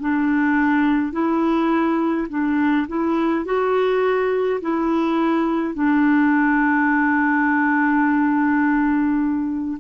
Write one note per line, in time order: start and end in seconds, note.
0.00 1.12 D4
1.12 2.27 E4
2.29 2.87 D4
2.88 3.45 E4
3.45 4.60 F#4
4.61 5.74 E4
5.74 9.78 D4